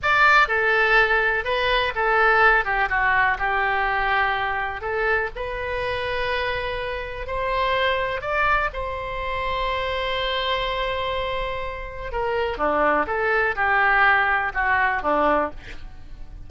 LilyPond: \new Staff \with { instrumentName = "oboe" } { \time 4/4 \tempo 4 = 124 d''4 a'2 b'4 | a'4. g'8 fis'4 g'4~ | g'2 a'4 b'4~ | b'2. c''4~ |
c''4 d''4 c''2~ | c''1~ | c''4 ais'4 d'4 a'4 | g'2 fis'4 d'4 | }